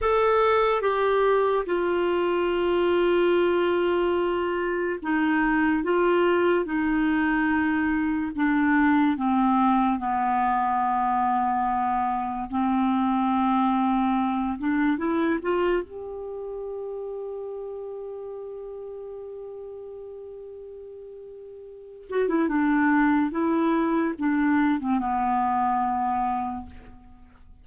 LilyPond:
\new Staff \with { instrumentName = "clarinet" } { \time 4/4 \tempo 4 = 72 a'4 g'4 f'2~ | f'2 dis'4 f'4 | dis'2 d'4 c'4 | b2. c'4~ |
c'4. d'8 e'8 f'8 g'4~ | g'1~ | g'2~ g'8 fis'16 e'16 d'4 | e'4 d'8. c'16 b2 | }